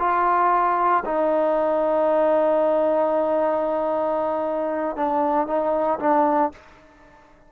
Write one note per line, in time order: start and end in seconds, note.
0.00 1.04 F4
1.05 4.97 D#4
4.97 5.47 D4
5.47 6.00 D#4
6.00 6.52 D4